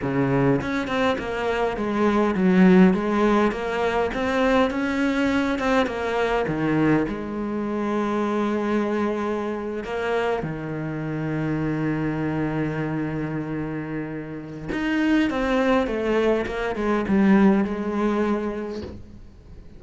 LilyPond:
\new Staff \with { instrumentName = "cello" } { \time 4/4 \tempo 4 = 102 cis4 cis'8 c'8 ais4 gis4 | fis4 gis4 ais4 c'4 | cis'4. c'8 ais4 dis4 | gis1~ |
gis8. ais4 dis2~ dis16~ | dis1~ | dis4 dis'4 c'4 a4 | ais8 gis8 g4 gis2 | }